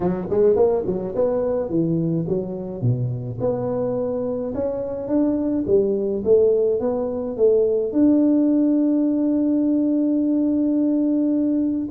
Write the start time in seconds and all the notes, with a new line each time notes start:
0.00 F#3
0.30 G#3
0.56 A#3
0.86 F#3
1.15 B3
1.69 E3
2.28 F#3
2.81 B2
3.40 B3
4.54 C#4
5.08 D4
5.66 G3
6.24 A3
6.80 B3
7.36 A3
7.92 D4